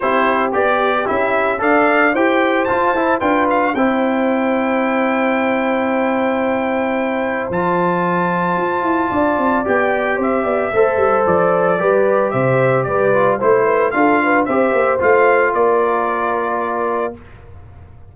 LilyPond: <<
  \new Staff \with { instrumentName = "trumpet" } { \time 4/4 \tempo 4 = 112 c''4 d''4 e''4 f''4 | g''4 a''4 g''8 f''8 g''4~ | g''1~ | g''2 a''2~ |
a''2 g''4 e''4~ | e''4 d''2 e''4 | d''4 c''4 f''4 e''4 | f''4 d''2. | }
  \new Staff \with { instrumentName = "horn" } { \time 4/4 g'2. d''4 | c''2 b'4 c''4~ | c''1~ | c''1~ |
c''4 d''2 c''8 d''8 | c''2 b'4 c''4 | b'4 c''8 b'8 a'8 b'8 c''4~ | c''4 ais'2. | }
  \new Staff \with { instrumentName = "trombone" } { \time 4/4 e'4 g'4 e'4 a'4 | g'4 f'8 e'8 f'4 e'4~ | e'1~ | e'2 f'2~ |
f'2 g'2 | a'2 g'2~ | g'8 f'8 e'4 f'4 g'4 | f'1 | }
  \new Staff \with { instrumentName = "tuba" } { \time 4/4 c'4 b4 cis'4 d'4 | e'4 f'8 e'8 d'4 c'4~ | c'1~ | c'2 f2 |
f'8 e'8 d'8 c'8 b4 c'8 b8 | a8 g8 f4 g4 c4 | g4 a4 d'4 c'8 ais8 | a4 ais2. | }
>>